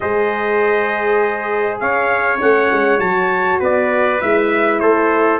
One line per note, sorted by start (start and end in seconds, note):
0.00 1.80 G#3
0.00 2.38 G#4
0.00 1.81 C5
0.00 1.78 D#5
1.79 2.40 C#4
1.79 3.59 C#5
1.79 2.39 F5
2.38 2.71 A3
2.38 2.98 C#4
2.38 2.99 F#5
2.72 2.98 G#3
2.98 3.58 F#3
2.98 4.18 F#4
2.98 3.59 A5
3.59 4.21 B3
3.59 4.79 B4
3.59 4.20 D5
4.20 4.80 G#3
4.20 5.40 E4
4.20 4.79 E5
4.79 5.40 A3
4.79 5.40 A4
4.79 5.39 C5